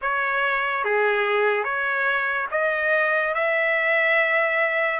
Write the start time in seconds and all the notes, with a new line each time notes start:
0.01 C#5
0.84 G#4
1.64 C#5
2.51 D#5
3.34 E5